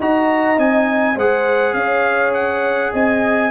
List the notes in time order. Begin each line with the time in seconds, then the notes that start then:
0.00 D#4 F#4 D#5 A#5
0.57 C4 D#4 G#5
1.16 G#3 G#4 C5 F#5
1.74 C#4 C#5 F5
2.34 F#5
2.93 C4 D#5 G#5